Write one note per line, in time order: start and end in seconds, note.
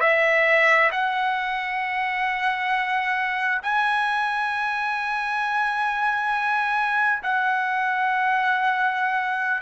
0.00 0.90 E5
0.91 3.61 F#5
3.62 7.22 G#5
7.23 9.61 F#5